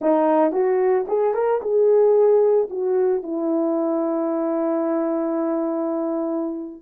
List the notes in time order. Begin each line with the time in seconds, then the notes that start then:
0.01 D#4
0.52 F#4
1.07 G#4
1.34 A#4
1.61 G#4
2.69 F#4
3.23 E4